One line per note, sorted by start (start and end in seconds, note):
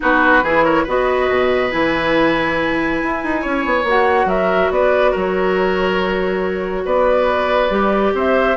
0.00 0.42 B3
0.00 0.41 D#4
0.00 0.43 F#4
0.00 0.63 B4
0.42 0.85 E3
0.42 0.87 E4
0.42 0.64 G#4
0.63 0.83 A#4
0.63 0.84 C#5
0.83 1.29 B3
0.83 1.70 F#4
0.83 3.40 B4
0.83 1.71 D#5
1.29 1.72 B2
1.70 3.02 E3
1.70 3.84 E4
1.70 3.86 G#5
3.02 3.23 E4
3.23 3.45 D#4
3.41 3.65 C#4
3.41 4.26 C#5
3.65 3.83 B3
3.83 4.25 A#3
3.83 7.70 F#4
3.83 4.28 F#5
4.25 4.68 F#3
4.25 4.71 A#4
4.25 4.71 E5
4.70 5.13 B3
4.70 5.11 B4
4.70 5.15 D5
5.11 6.85 F#3
5.11 6.82 A#4
5.18 6.85 C#5
6.85 7.70 B3
6.85 8.13 B4
6.85 8.14 D5
7.70 8.12 G3
7.70 8.56 G4
8.13 8.56 C4
8.13 8.56 C5
8.13 8.56 E5